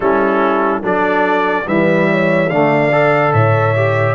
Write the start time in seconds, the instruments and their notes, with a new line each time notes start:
0.00 tuba G3, trombone C#4, horn E4, trumpet A4
0.82 tuba F#3, trombone D4, horn A4, trumpet D5
1.66 tuba E3, trombone G3, horn B4, trumpet E5
2.10 horn C#5
2.49 tuba D3, trombone A3, horn D5, trumpet F5
2.92 trombone A4
3.33 tuba A2, horn C#5, trumpet E5
3.75 trombone G4